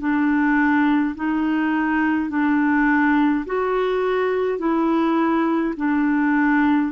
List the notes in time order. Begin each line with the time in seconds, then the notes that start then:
0.00 D4
1.15 D#4
2.30 D4
3.46 F#4
4.58 E4
5.77 D4